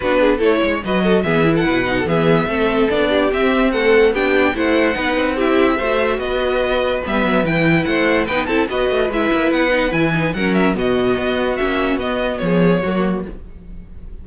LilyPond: <<
  \new Staff \with { instrumentName = "violin" } { \time 4/4 \tempo 4 = 145 b'4 cis''4 dis''4 e''8. fis''16~ | fis''4 e''2 d''4 | e''4 fis''4 g''4 fis''4~ | fis''4 e''2 dis''4~ |
dis''4 e''4 g''4 fis''4 | g''8 a''8 dis''4 e''4 fis''4 | gis''4 fis''8 e''8 dis''2 | e''4 dis''4 cis''2 | }
  \new Staff \with { instrumentName = "violin" } { \time 4/4 fis'8 gis'8 a'8 cis''8 b'8 a'8 gis'8. a'16 | b'8. a'16 gis'4 a'4. g'8~ | g'4 a'4 g'4 c''4 | b'4 g'4 c''4 b'4~ |
b'2. c''4 | b'8 a'8 b'2.~ | b'4 ais'4 fis'2~ | fis'2 gis'4 fis'4 | }
  \new Staff \with { instrumentName = "viola" } { \time 4/4 d'4 e'4 fis'4 b8 e'8~ | e'8 dis'8 b4 c'4 d'4 | c'4 a4 d'4 e'4 | dis'4 e'4 fis'2~ |
fis'4 b4 e'2 | dis'8 e'8 fis'4 e'4. dis'8 | e'8 dis'8 cis'4 b2 | cis'4 b2 ais4 | }
  \new Staff \with { instrumentName = "cello" } { \time 4/4 b4 a8 gis8 fis4 e4 | b,4 e4 a4 b4 | c'2 b4 a4 | b8 c'4. a4 b4~ |
b4 g8 fis8 e4 a4 | b8 c'8 b8 a8 gis8 ais8 b4 | e4 fis4 b,4 b4 | ais4 b4 f4 fis4 | }
>>